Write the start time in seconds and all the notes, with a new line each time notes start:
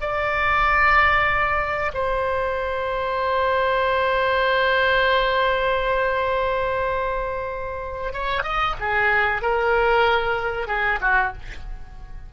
0.00 D5
1.93 C5
8.13 C#5
8.43 D#5
8.79 G#4
9.41 A#4
10.67 G#4
11.00 F#4